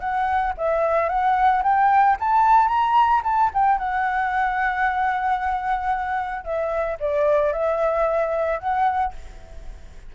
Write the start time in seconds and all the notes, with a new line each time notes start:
0.00 F#5
0.58 E5
1.09 F#5
1.63 G5
2.20 A5
2.68 A#5
3.24 A5
3.54 G5
3.79 F#5
6.45 E5
7.00 D5
7.53 E5
8.60 F#5